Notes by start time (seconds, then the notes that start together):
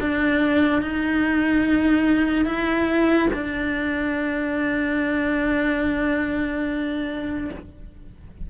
0.00 D4
0.81 D#4
2.45 E4
3.33 D4